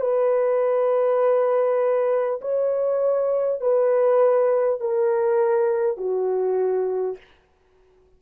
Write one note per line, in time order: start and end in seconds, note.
0.00 2.40 B4
2.41 3.60 C#5
3.60 4.80 B4
4.80 5.97 A#4
5.97 7.17 F#4